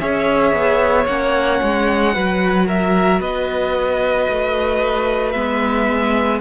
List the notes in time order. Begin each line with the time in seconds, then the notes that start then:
0.00 C#4 G#4 C#5 E5
0.52 B3
1.06 A#3 C#4 F#5
1.63 G#3
2.14 F#3 F#4 B4
2.67 A#4 E5
3.20 B3 B4 D#5
4.29 A3
5.32 G#3 B3 E5